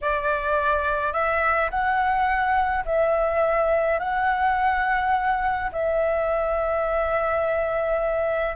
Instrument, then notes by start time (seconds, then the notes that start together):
flute
0.01 D5
1.12 E5
1.70 F#5
2.85 E5
3.99 F#5
5.71 E5